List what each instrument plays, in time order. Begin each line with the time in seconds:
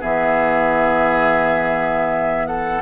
0.00 bassoon E3, clarinet B3, oboe G#4, flute E5
2.47 oboe A4, flute F#5